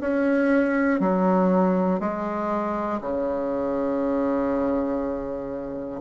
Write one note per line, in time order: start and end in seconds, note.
0.00 1.00 C#4
1.00 2.00 F#3
2.00 3.00 G#3
3.00 6.00 C#3